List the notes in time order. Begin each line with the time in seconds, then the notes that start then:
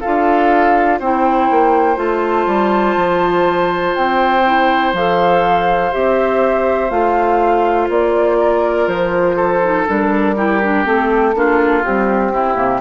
0.00 D4 F4 A4 F5
0.99 C4 E4 C5 G5
1.50 A#3
1.95 A3 F4 A5
2.46 G3
2.96 F3
3.95 C4 G5
4.45 E4
4.93 F3 A4 F5
5.92 C4 G4 E5
6.90 A3 F4 F5
7.89 A#3 D5
8.40 A#4
8.87 F3 C5
9.36 A4
9.63 D#4
9.87 G3 D4 A#4
10.36 E4 G4
10.63 D4
10.84 A3 C4 A4
11.34 A#3 D4 F4
11.84 G3 C4 G4
12.31 C4 E4
12.55 C3 A#3